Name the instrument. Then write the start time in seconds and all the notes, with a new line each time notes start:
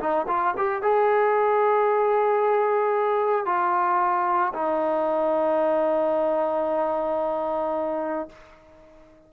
trombone
0.00 D#4
0.28 F4
0.57 G4
0.83 G#4
3.46 F4
4.54 D#4